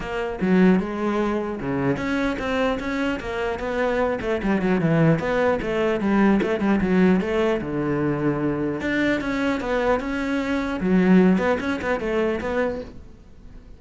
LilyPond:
\new Staff \with { instrumentName = "cello" } { \time 4/4 \tempo 4 = 150 ais4 fis4 gis2 | cis4 cis'4 c'4 cis'4 | ais4 b4. a8 g8 fis8 | e4 b4 a4 g4 |
a8 g8 fis4 a4 d4~ | d2 d'4 cis'4 | b4 cis'2 fis4~ | fis8 b8 cis'8 b8 a4 b4 | }